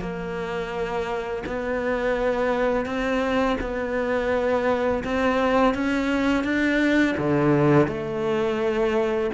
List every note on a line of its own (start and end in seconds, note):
0.00 1.43 A#3
1.46 2.85 B3
2.85 3.56 C4
3.60 5.03 B3
5.04 5.74 C4
5.74 6.44 C#4
6.44 7.15 D4
7.17 7.87 D3
7.87 9.30 A3